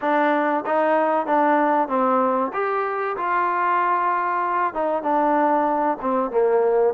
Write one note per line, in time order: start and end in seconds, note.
0.01 0.64 D4
0.66 1.26 D#4
1.26 1.88 D4
1.88 2.51 C4
2.53 3.16 G4
3.16 4.74 F4
4.74 5.02 D#4
5.02 5.97 D4
6.01 6.30 C4
6.30 6.94 A#3